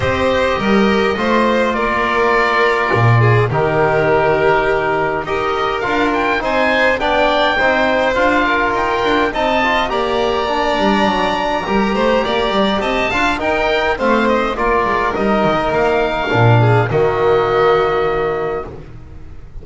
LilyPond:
<<
  \new Staff \with { instrumentName = "oboe" } { \time 4/4 \tempo 4 = 103 dis''2. d''4~ | d''2 ais'2~ | ais'4 dis''4 f''8 g''8 gis''4 | g''2 f''4 g''4 |
a''4 ais''2.~ | ais''2 a''4 g''4 | f''8 dis''8 d''4 dis''4 f''4~ | f''4 dis''2. | }
  \new Staff \with { instrumentName = "violin" } { \time 4/4 c''4 ais'4 c''4 ais'4~ | ais'4. gis'8 g'2~ | g'4 ais'2 c''4 | d''4 c''4. ais'4. |
dis''4 d''2. | ais'8 c''8 d''4 dis''8 f''8 ais'4 | c''4 ais'2.~ | ais'8 gis'8 fis'2. | }
  \new Staff \with { instrumentName = "trombone" } { \time 4/4 g'2 f'2~ | f'2 dis'2~ | dis'4 g'4 f'4 dis'4 | d'4 dis'4 f'2 |
dis'8 f'8 g'4 d'2 | g'2~ g'8 f'8 dis'4 | c'4 f'4 dis'2 | d'4 ais2. | }
  \new Staff \with { instrumentName = "double bass" } { \time 4/4 c'4 g4 a4 ais4~ | ais4 ais,4 dis2~ | dis4 dis'4 d'4 c'4 | b4 c'4 d'4 dis'8 d'8 |
c'4 ais4. g8 fis4 | g8 a8 ais8 g8 c'8 d'8 dis'4 | a4 ais8 gis8 g8 dis8 ais4 | ais,4 dis2. | }
>>